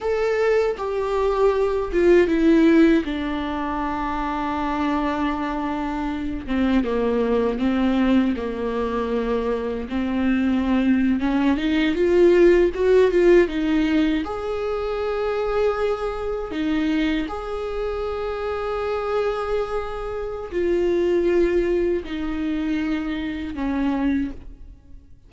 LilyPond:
\new Staff \with { instrumentName = "viola" } { \time 4/4 \tempo 4 = 79 a'4 g'4. f'8 e'4 | d'1~ | d'8 c'8 ais4 c'4 ais4~ | ais4 c'4.~ c'16 cis'8 dis'8 f'16~ |
f'8. fis'8 f'8 dis'4 gis'4~ gis'16~ | gis'4.~ gis'16 dis'4 gis'4~ gis'16~ | gis'2. f'4~ | f'4 dis'2 cis'4 | }